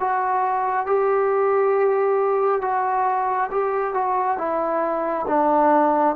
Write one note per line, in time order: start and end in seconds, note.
0.00 0.87 F#4
0.87 2.62 G4
2.62 3.50 F#4
3.51 3.94 G4
3.94 4.38 F#4
4.38 5.26 E4
5.28 6.16 D4